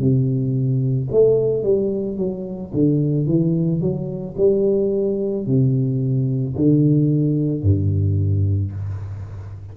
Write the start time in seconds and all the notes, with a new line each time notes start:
0.00 C3
1.12 A3
1.64 G3
2.18 F#3
2.74 D3
3.27 E3
3.81 F#3
4.38 G3
5.47 C3
6.57 D3
7.63 G2